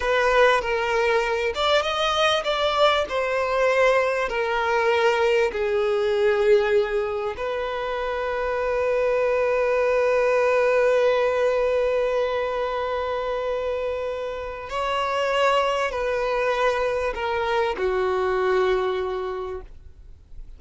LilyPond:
\new Staff \with { instrumentName = "violin" } { \time 4/4 \tempo 4 = 98 b'4 ais'4. d''8 dis''4 | d''4 c''2 ais'4~ | ais'4 gis'2. | b'1~ |
b'1~ | b'1 | cis''2 b'2 | ais'4 fis'2. | }